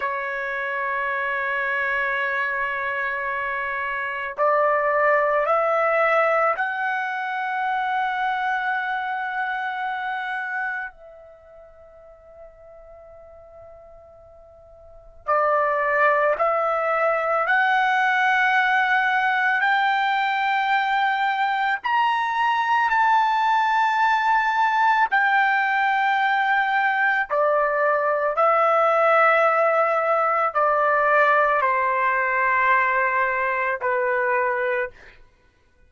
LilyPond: \new Staff \with { instrumentName = "trumpet" } { \time 4/4 \tempo 4 = 55 cis''1 | d''4 e''4 fis''2~ | fis''2 e''2~ | e''2 d''4 e''4 |
fis''2 g''2 | ais''4 a''2 g''4~ | g''4 d''4 e''2 | d''4 c''2 b'4 | }